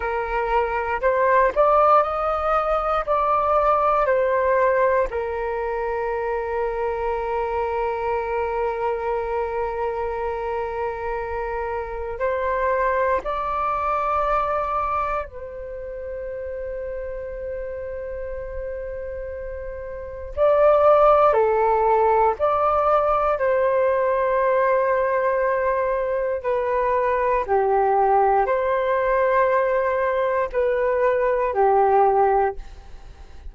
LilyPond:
\new Staff \with { instrumentName = "flute" } { \time 4/4 \tempo 4 = 59 ais'4 c''8 d''8 dis''4 d''4 | c''4 ais'2.~ | ais'1 | c''4 d''2 c''4~ |
c''1 | d''4 a'4 d''4 c''4~ | c''2 b'4 g'4 | c''2 b'4 g'4 | }